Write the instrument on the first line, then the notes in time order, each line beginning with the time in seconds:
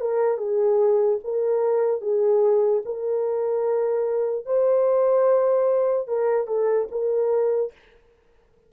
horn
0.00 A#4
0.37 G#4
1.23 A#4
2.01 G#4
2.85 A#4
4.45 C5
6.07 A#4
6.47 A4
6.91 A#4